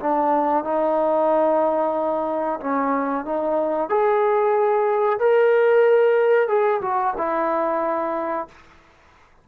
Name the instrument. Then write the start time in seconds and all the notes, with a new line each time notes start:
trombone
0.00 D4
0.65 D#4
2.61 C#4
3.25 D#4
3.90 G#4
5.20 A#4
6.49 G#4
6.82 F#4
7.18 E4